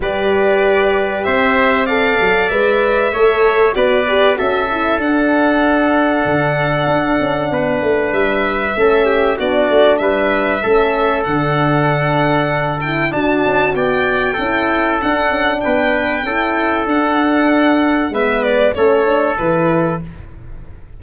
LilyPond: <<
  \new Staff \with { instrumentName = "violin" } { \time 4/4 \tempo 4 = 96 d''2 e''4 f''4 | e''2 d''4 e''4 | fis''1~ | fis''4 e''2 d''4 |
e''2 fis''2~ | fis''8 g''8 a''4 g''2 | fis''4 g''2 fis''4~ | fis''4 e''8 d''8 cis''4 b'4 | }
  \new Staff \with { instrumentName = "trumpet" } { \time 4/4 b'2 c''4 d''4~ | d''4 cis''4 b'4 a'4~ | a'1 | b'2 a'8 g'8 fis'4 |
b'4 a'2.~ | a'4 d'4 d''4 a'4~ | a'4 b'4 a'2~ | a'4 b'4 a'2 | }
  \new Staff \with { instrumentName = "horn" } { \time 4/4 g'2. a'4 | b'4 a'4 fis'8 g'8 fis'8 e'8 | d'1~ | d'2 cis'4 d'4~ |
d'4 cis'4 d'2~ | d'8 e'8 fis'2 e'4 | d'2 e'4 d'4~ | d'4 b4 cis'8 d'8 e'4 | }
  \new Staff \with { instrumentName = "tuba" } { \time 4/4 g2 c'4. fis8 | gis4 a4 b4 cis'4 | d'2 d4 d'8 cis'8 | b8 a8 g4 a4 b8 a8 |
g4 a4 d2~ | d4 d'8 cis'8 b4 cis'4 | d'8 cis'8 b4 cis'4 d'4~ | d'4 gis4 a4 e4 | }
>>